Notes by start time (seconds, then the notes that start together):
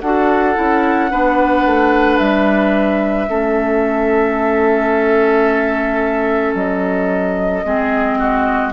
0.00 D4 F#4 A4 F#5
0.55 C#4 E4
1.10 B3 D4 B4
1.65 A3
2.18 G3 E5
3.27 A3 C#4 A4
6.54 F#3 D#5
7.65 G#3 C4 G#4
8.18 F#4